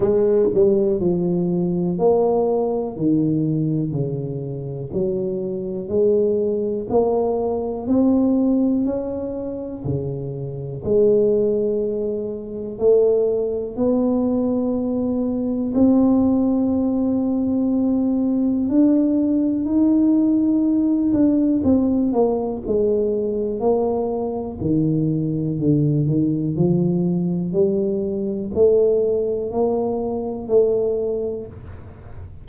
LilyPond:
\new Staff \with { instrumentName = "tuba" } { \time 4/4 \tempo 4 = 61 gis8 g8 f4 ais4 dis4 | cis4 fis4 gis4 ais4 | c'4 cis'4 cis4 gis4~ | gis4 a4 b2 |
c'2. d'4 | dis'4. d'8 c'8 ais8 gis4 | ais4 dis4 d8 dis8 f4 | g4 a4 ais4 a4 | }